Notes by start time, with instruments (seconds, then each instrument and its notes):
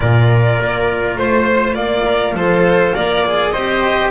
0.00 double bass A#2, cello F4, trumpet A#4, violin D5
0.60 double bass A#3
1.16 double bass A3, violin C5, trumpet C5
1.74 double bass A#3, trumpet F4, violin D5
2.05 cello A#4
2.33 double bass F3, cello A4, violin C5
2.95 double bass A#3, cello A#4, violin D5
3.25 cello G#4
3.51 double bass C4, cello G4, trumpet C5, violin D#5